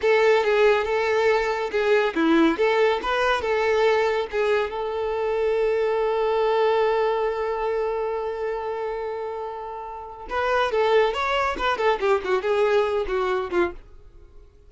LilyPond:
\new Staff \with { instrumentName = "violin" } { \time 4/4 \tempo 4 = 140 a'4 gis'4 a'2 | gis'4 e'4 a'4 b'4 | a'2 gis'4 a'4~ | a'1~ |
a'1~ | a'1 | b'4 a'4 cis''4 b'8 a'8 | g'8 fis'8 gis'4. fis'4 f'8 | }